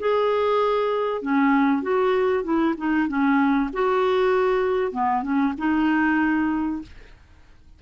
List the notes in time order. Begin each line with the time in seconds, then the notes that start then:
0.00 G#4
1.22 C#4
1.83 F#4
2.44 E4
2.78 D#4
3.09 C#4
3.73 F#4
4.92 B3
5.23 C#4
5.58 D#4